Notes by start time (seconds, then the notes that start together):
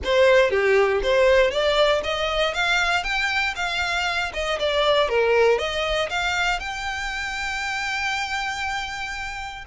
0.03 C5
0.50 G4
1.02 C5
1.50 D5
2.03 D#5
2.54 F5
3.03 G5
3.55 F5
4.33 D#5
4.59 D5
5.08 A#4
5.58 D#5
6.09 F5
6.59 G5